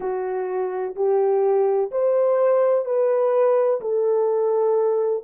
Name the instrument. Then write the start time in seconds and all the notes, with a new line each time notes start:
horn
0.00 F#4
0.95 G4
1.91 C5
2.85 B4
3.81 A4